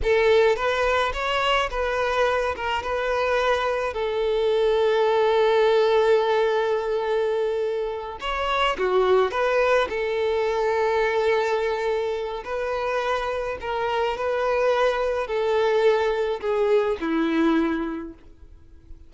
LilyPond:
\new Staff \with { instrumentName = "violin" } { \time 4/4 \tempo 4 = 106 a'4 b'4 cis''4 b'4~ | b'8 ais'8 b'2 a'4~ | a'1~ | a'2~ a'8 cis''4 fis'8~ |
fis'8 b'4 a'2~ a'8~ | a'2 b'2 | ais'4 b'2 a'4~ | a'4 gis'4 e'2 | }